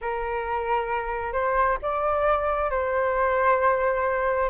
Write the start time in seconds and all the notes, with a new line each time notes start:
0.01 A#4
1.32 C5
1.82 D5
2.70 C5